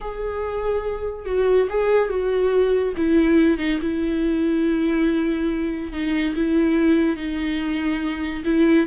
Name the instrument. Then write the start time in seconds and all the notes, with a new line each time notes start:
viola
0.00 G#4
1.25 F#4
1.69 G#4
2.09 F#4
2.96 E4
3.57 D#4
3.81 E4
5.92 D#4
6.35 E4
7.16 D#4
8.44 E4